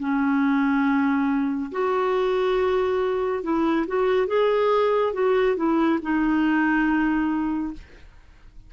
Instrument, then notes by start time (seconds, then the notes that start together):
clarinet
0.00 C#4
1.72 F#4
3.43 E4
3.88 F#4
4.27 G#4
5.14 F#4
5.56 E4
6.02 D#4